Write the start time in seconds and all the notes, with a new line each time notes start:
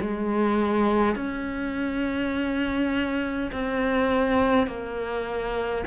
0.00 G#3
1.15 C#4
3.52 C4
4.66 A#3